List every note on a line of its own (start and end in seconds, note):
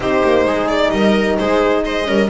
0.00 0.22 C4
0.00 2.04 D#4
0.00 0.46 G4
0.00 0.67 C5
0.24 0.44 A#3
0.44 0.91 G#3
0.44 0.93 G#4
0.67 0.90 D5
0.90 1.37 G3
0.90 1.39 A#4
0.90 1.36 D#5
1.37 2.07 G#3
1.37 1.85 G#4
1.37 1.83 C5
1.84 2.08 C5
1.84 2.30 D#5
2.04 2.30 G3
2.04 2.27 C#4
2.04 2.30 A#4